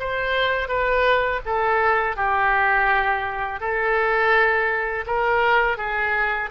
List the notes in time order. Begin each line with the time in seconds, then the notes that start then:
0.00 C5
0.68 B4
1.46 A4
2.17 G4
3.61 A4
5.07 A#4
5.78 G#4